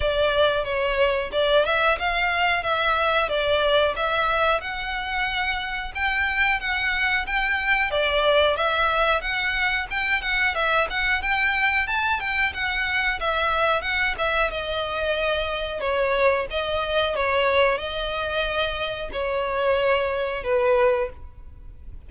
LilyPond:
\new Staff \with { instrumentName = "violin" } { \time 4/4 \tempo 4 = 91 d''4 cis''4 d''8 e''8 f''4 | e''4 d''4 e''4 fis''4~ | fis''4 g''4 fis''4 g''4 | d''4 e''4 fis''4 g''8 fis''8 |
e''8 fis''8 g''4 a''8 g''8 fis''4 | e''4 fis''8 e''8 dis''2 | cis''4 dis''4 cis''4 dis''4~ | dis''4 cis''2 b'4 | }